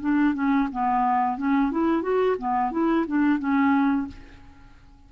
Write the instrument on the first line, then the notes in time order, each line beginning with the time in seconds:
clarinet
0.00 D4
0.34 C#4
0.72 B3
1.37 C#4
1.71 E4
2.02 F#4
2.38 B3
2.71 E4
3.07 D4
3.39 C#4